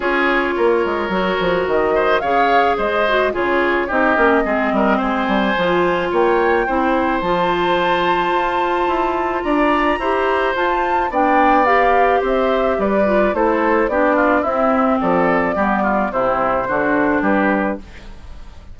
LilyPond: <<
  \new Staff \with { instrumentName = "flute" } { \time 4/4 \tempo 4 = 108 cis''2. dis''4 | f''4 dis''4 cis''4 dis''4~ | dis''4 gis''2 g''4~ | g''4 a''2.~ |
a''4 ais''2 a''4 | g''4 f''4 e''4 d''4 | c''4 d''4 e''4 d''4~ | d''4 c''2 b'4 | }
  \new Staff \with { instrumentName = "oboe" } { \time 4/4 gis'4 ais'2~ ais'8 c''8 | cis''4 c''4 gis'4 g'4 | gis'8 ais'8 c''2 cis''4 | c''1~ |
c''4 d''4 c''2 | d''2 c''4 b'4 | a'4 g'8 f'8 e'4 a'4 | g'8 f'8 e'4 fis'4 g'4 | }
  \new Staff \with { instrumentName = "clarinet" } { \time 4/4 f'2 fis'2 | gis'4. fis'8 f'4 dis'8 cis'8 | c'2 f'2 | e'4 f'2.~ |
f'2 g'4 f'4 | d'4 g'2~ g'8 f'8 | e'4 d'4 c'2 | b4 c'4 d'2 | }
  \new Staff \with { instrumentName = "bassoon" } { \time 4/4 cis'4 ais8 gis8 fis8 f8 dis4 | cis4 gis4 cis4 c'8 ais8 | gis8 g8 gis8 g8 f4 ais4 | c'4 f2 f'4 |
e'4 d'4 e'4 f'4 | b2 c'4 g4 | a4 b4 c'4 f4 | g4 c4 d4 g4 | }
>>